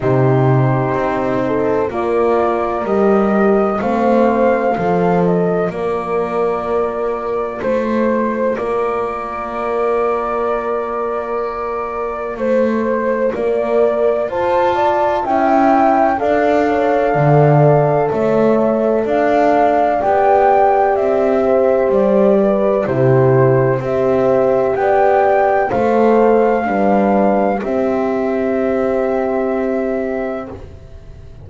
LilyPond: <<
  \new Staff \with { instrumentName = "flute" } { \time 4/4 \tempo 4 = 63 c''2 d''4 dis''4 | f''4. dis''8 d''2 | c''4 d''2.~ | d''4 c''4 d''4 a''4 |
g''4 f''2 e''4 | f''4 g''4 e''4 d''4 | c''4 e''4 g''4 f''4~ | f''4 e''2. | }
  \new Staff \with { instrumentName = "horn" } { \time 4/4 g'4. a'8 ais'2 | c''4 a'4 ais'2 | c''4 ais'2.~ | ais'4 c''4 ais'4 c''8 d''8 |
e''4 d''8 cis''8 d''4 cis''4 | d''2~ d''8 c''4 b'8 | g'4 c''4 d''4 c''4 | b'4 g'2. | }
  \new Staff \with { instrumentName = "horn" } { \time 4/4 dis'2 f'4 g'4 | c'4 f'2.~ | f'1~ | f'1 |
e'4 a'2.~ | a'4 g'2. | e'4 g'2 a'4 | d'4 c'2. | }
  \new Staff \with { instrumentName = "double bass" } { \time 4/4 c4 c'4 ais4 g4 | a4 f4 ais2 | a4 ais2.~ | ais4 a4 ais4 f'4 |
cis'4 d'4 d4 a4 | d'4 b4 c'4 g4 | c4 c'4 b4 a4 | g4 c'2. | }
>>